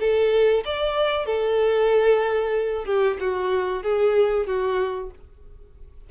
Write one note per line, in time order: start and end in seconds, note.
0.00 0.64 A4
0.65 1.26 D5
1.26 2.85 A4
2.85 3.17 G4
3.20 3.83 F#4
3.83 4.47 G#4
4.47 5.10 F#4